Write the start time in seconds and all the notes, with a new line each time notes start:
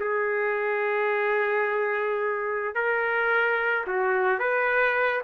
0.00 G#4
2.75 A#4
3.87 F#4
4.39 B4